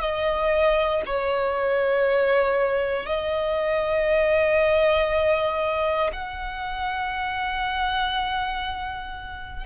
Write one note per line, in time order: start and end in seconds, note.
0.00 1.02 D#5
1.05 3.05 C#5
3.05 6.10 D#5
6.12 9.66 F#5